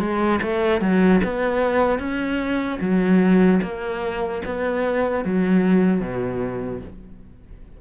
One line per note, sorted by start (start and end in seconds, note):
0.00 0.40 G#3
0.42 0.81 A3
0.81 1.21 F#3
1.24 1.99 B3
1.99 2.79 C#4
2.80 3.60 F#3
3.63 4.43 A#3
4.45 5.25 B3
5.25 6.01 F#3
6.01 6.81 B2